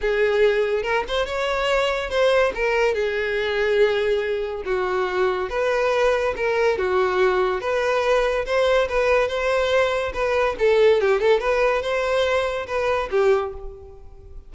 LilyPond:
\new Staff \with { instrumentName = "violin" } { \time 4/4 \tempo 4 = 142 gis'2 ais'8 c''8 cis''4~ | cis''4 c''4 ais'4 gis'4~ | gis'2. fis'4~ | fis'4 b'2 ais'4 |
fis'2 b'2 | c''4 b'4 c''2 | b'4 a'4 g'8 a'8 b'4 | c''2 b'4 g'4 | }